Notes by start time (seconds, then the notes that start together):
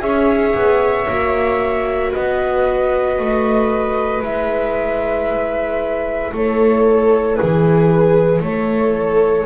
0.00 C#4 G#4 C#5 E5
0.55 B3
1.07 A#3 F#4
2.11 B3 B4 D#5
3.19 A3
4.22 G#3 E4 E5
6.33 A3 A4 C#5
7.36 G#4 B4
7.43 E3
8.40 A3 A4 C#5